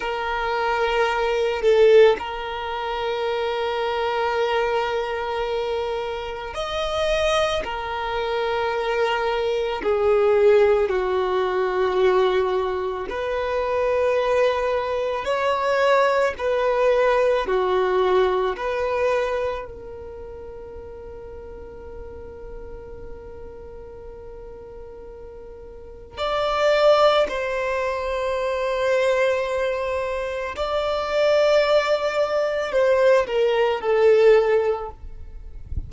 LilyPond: \new Staff \with { instrumentName = "violin" } { \time 4/4 \tempo 4 = 55 ais'4. a'8 ais'2~ | ais'2 dis''4 ais'4~ | ais'4 gis'4 fis'2 | b'2 cis''4 b'4 |
fis'4 b'4 ais'2~ | ais'1 | d''4 c''2. | d''2 c''8 ais'8 a'4 | }